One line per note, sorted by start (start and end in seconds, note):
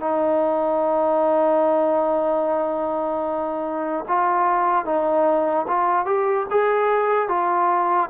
0.00 4.05 D#4
4.08 4.85 F4
4.85 5.66 D#4
5.68 6.06 F4
6.06 6.46 G4
6.50 7.29 G#4
7.29 8.10 F4